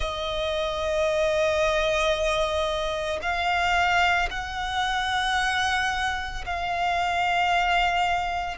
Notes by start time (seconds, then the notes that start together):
0.00 D#5
3.21 F5
4.30 F#5
6.45 F5